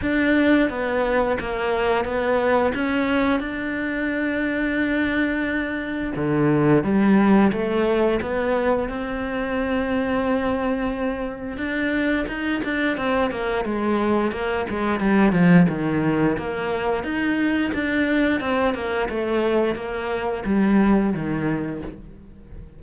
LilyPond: \new Staff \with { instrumentName = "cello" } { \time 4/4 \tempo 4 = 88 d'4 b4 ais4 b4 | cis'4 d'2.~ | d'4 d4 g4 a4 | b4 c'2.~ |
c'4 d'4 dis'8 d'8 c'8 ais8 | gis4 ais8 gis8 g8 f8 dis4 | ais4 dis'4 d'4 c'8 ais8 | a4 ais4 g4 dis4 | }